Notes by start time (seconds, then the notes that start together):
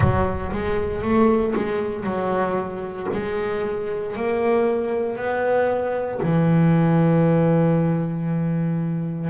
0.00 F#3
0.52 G#3
1.02 A3
1.55 G#3
2.04 F#3
3.12 G#3
4.16 A#3
5.17 B3
6.23 E3